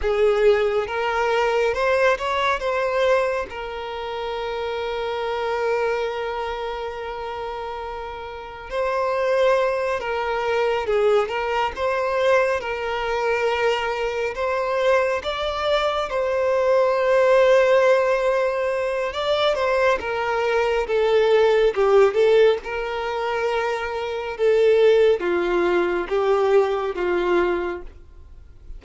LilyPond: \new Staff \with { instrumentName = "violin" } { \time 4/4 \tempo 4 = 69 gis'4 ais'4 c''8 cis''8 c''4 | ais'1~ | ais'2 c''4. ais'8~ | ais'8 gis'8 ais'8 c''4 ais'4.~ |
ais'8 c''4 d''4 c''4.~ | c''2 d''8 c''8 ais'4 | a'4 g'8 a'8 ais'2 | a'4 f'4 g'4 f'4 | }